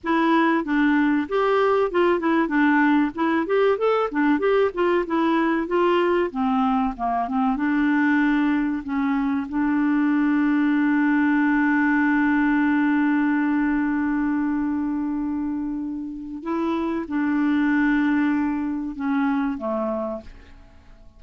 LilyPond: \new Staff \with { instrumentName = "clarinet" } { \time 4/4 \tempo 4 = 95 e'4 d'4 g'4 f'8 e'8 | d'4 e'8 g'8 a'8 d'8 g'8 f'8 | e'4 f'4 c'4 ais8 c'8 | d'2 cis'4 d'4~ |
d'1~ | d'1~ | d'2 e'4 d'4~ | d'2 cis'4 a4 | }